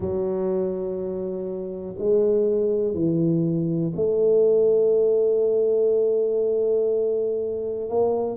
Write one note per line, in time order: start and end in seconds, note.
0.00 1.96 F#3
1.98 2.94 G#3
2.94 3.92 E3
3.95 7.89 A3
7.89 8.37 A#3